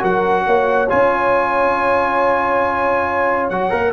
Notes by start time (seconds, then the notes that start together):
0.00 F#3 F#4 A#4 F#5
0.46 A#3 C#5
0.89 C#4 F4 G#5
3.50 F#3 F#4 F#5
3.70 A#3 A#4